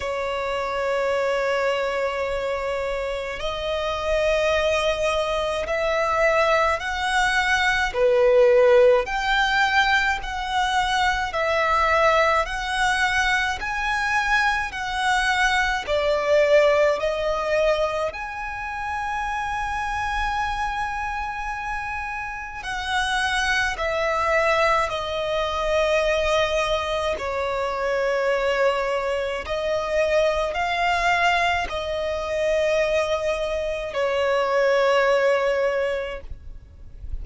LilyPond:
\new Staff \with { instrumentName = "violin" } { \time 4/4 \tempo 4 = 53 cis''2. dis''4~ | dis''4 e''4 fis''4 b'4 | g''4 fis''4 e''4 fis''4 | gis''4 fis''4 d''4 dis''4 |
gis''1 | fis''4 e''4 dis''2 | cis''2 dis''4 f''4 | dis''2 cis''2 | }